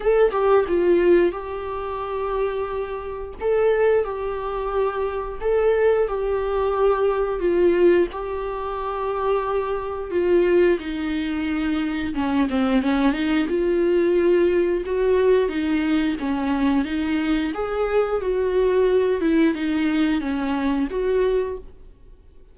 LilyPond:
\new Staff \with { instrumentName = "viola" } { \time 4/4 \tempo 4 = 89 a'8 g'8 f'4 g'2~ | g'4 a'4 g'2 | a'4 g'2 f'4 | g'2. f'4 |
dis'2 cis'8 c'8 cis'8 dis'8 | f'2 fis'4 dis'4 | cis'4 dis'4 gis'4 fis'4~ | fis'8 e'8 dis'4 cis'4 fis'4 | }